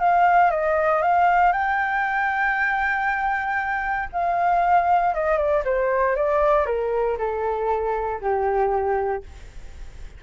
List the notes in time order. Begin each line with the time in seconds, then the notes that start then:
0.00 F5
0.51 D#5
1.02 F5
1.53 G5
4.13 F5
5.15 D#5
5.38 D5
5.65 C5
6.16 D5
6.66 A#4
7.18 A4
8.21 G4